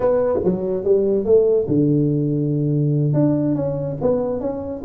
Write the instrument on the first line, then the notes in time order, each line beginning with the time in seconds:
tuba
0.00 B3
0.44 F#3
0.84 G3
1.24 A3
1.68 D3
3.13 D4
3.55 C#4
4.01 B3
4.40 C#4